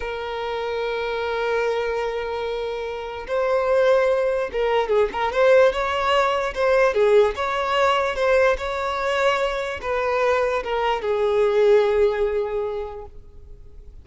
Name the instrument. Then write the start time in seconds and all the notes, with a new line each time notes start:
violin
0.00 A#4
3.27 C5
4.52 A#4
4.88 G#4
5.12 A#4
5.32 C5
5.72 C#5
6.54 C5
6.94 G#4
7.35 C#5
8.15 C5
8.57 C#5
9.81 B4
10.63 A#4
11.01 G#4